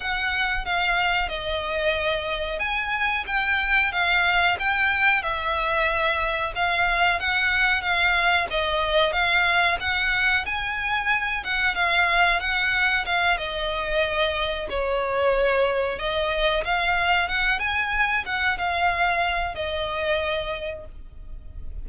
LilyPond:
\new Staff \with { instrumentName = "violin" } { \time 4/4 \tempo 4 = 92 fis''4 f''4 dis''2 | gis''4 g''4 f''4 g''4 | e''2 f''4 fis''4 | f''4 dis''4 f''4 fis''4 |
gis''4. fis''8 f''4 fis''4 | f''8 dis''2 cis''4.~ | cis''8 dis''4 f''4 fis''8 gis''4 | fis''8 f''4. dis''2 | }